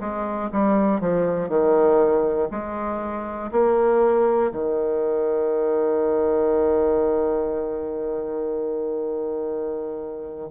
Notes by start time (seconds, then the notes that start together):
0.00 G#3
0.52 G3
1.00 F3
1.48 D#3
2.50 G#3
3.51 A#3
4.52 D#3